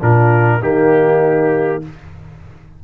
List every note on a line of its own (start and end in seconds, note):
0.00 0.62 A#2
0.00 0.61 D4
0.00 0.62 F4
0.00 0.63 A#4
0.61 1.84 D#3
0.61 1.82 A#3
0.61 1.83 D#4
0.61 1.84 G4